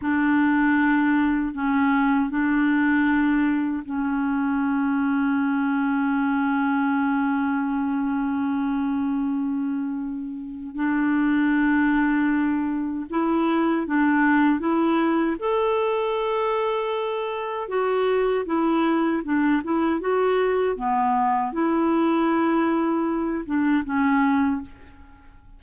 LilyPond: \new Staff \with { instrumentName = "clarinet" } { \time 4/4 \tempo 4 = 78 d'2 cis'4 d'4~ | d'4 cis'2.~ | cis'1~ | cis'2 d'2~ |
d'4 e'4 d'4 e'4 | a'2. fis'4 | e'4 d'8 e'8 fis'4 b4 | e'2~ e'8 d'8 cis'4 | }